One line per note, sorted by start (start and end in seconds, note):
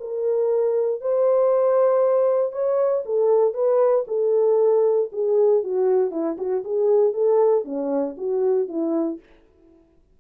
0.00 1.01 A#4
1.01 2.52 C5
2.52 3.03 C#5
3.05 3.54 A4
3.54 4.05 B4
4.07 5.10 A4
5.12 5.63 G#4
5.63 6.11 F#4
6.11 6.37 E4
6.38 6.63 F#4
6.64 7.13 G#4
7.13 7.65 A4
7.65 8.16 C#4
8.17 8.68 F#4
8.68 9.19 E4